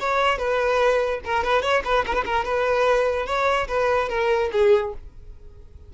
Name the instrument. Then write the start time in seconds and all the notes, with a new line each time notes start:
violin
0.00 C#5
0.38 B4
1.25 A#4
1.44 B4
1.62 C#5
1.85 B4
2.06 A#4
2.14 B4
2.25 A#4
2.45 B4
3.26 C#5
3.68 B4
4.09 A#4
4.52 G#4